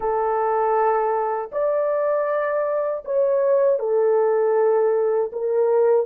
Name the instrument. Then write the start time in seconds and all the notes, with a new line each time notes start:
horn
0.00 A4
1.52 D5
3.04 C#5
3.79 A4
5.32 A#4